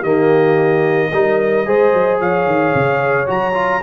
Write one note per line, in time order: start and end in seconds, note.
0.00 1.11 D#3
0.00 1.12 A#3
0.00 1.08 G4
0.00 2.19 D#5
1.12 1.66 G3
1.12 1.66 D#4
1.12 1.66 A#4
1.66 1.93 G#3
1.66 3.26 G#4
1.66 2.20 C5
1.93 2.20 F#3
2.20 2.46 F3
2.20 3.82 C#5
2.20 3.28 F5
2.46 2.73 D#3
2.74 3.28 C#3
3.26 3.82 F#3
3.26 3.53 F#4
3.26 3.82 A#5
3.54 3.81 F4